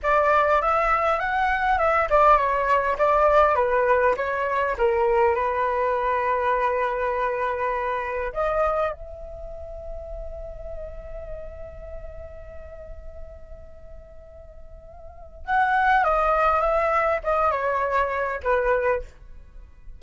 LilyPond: \new Staff \with { instrumentName = "flute" } { \time 4/4 \tempo 4 = 101 d''4 e''4 fis''4 e''8 d''8 | cis''4 d''4 b'4 cis''4 | ais'4 b'2.~ | b'2 dis''4 e''4~ |
e''1~ | e''1~ | e''2 fis''4 dis''4 | e''4 dis''8 cis''4. b'4 | }